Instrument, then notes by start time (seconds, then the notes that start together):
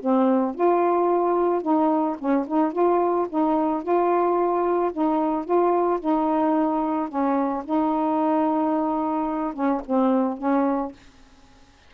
saxophone
0.00 C4
0.55 F4
1.61 D#4
2.18 C#4
2.47 D#4
2.72 F4
3.29 D#4
3.82 F4
4.92 D#4
5.44 F4
6.00 D#4
7.08 C#4
7.64 D#4
9.53 C#4
9.85 C4
10.37 C#4